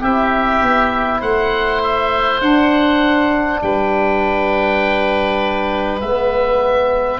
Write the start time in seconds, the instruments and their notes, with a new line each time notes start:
0.00 tuba C4, trombone E4, oboe G4 E5
0.61 tuba B3
1.19 tuba A3, oboe C5 F#5
1.83 oboe E5
2.40 tuba D4, trombone D4, oboe F#5
3.62 tuba G3, oboe B4 G5
6.00 tuba G#3, trombone B3, oboe E5